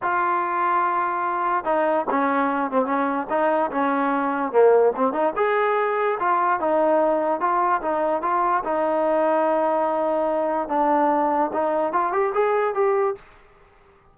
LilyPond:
\new Staff \with { instrumentName = "trombone" } { \time 4/4 \tempo 4 = 146 f'1 | dis'4 cis'4. c'8 cis'4 | dis'4 cis'2 ais4 | c'8 dis'8 gis'2 f'4 |
dis'2 f'4 dis'4 | f'4 dis'2.~ | dis'2 d'2 | dis'4 f'8 g'8 gis'4 g'4 | }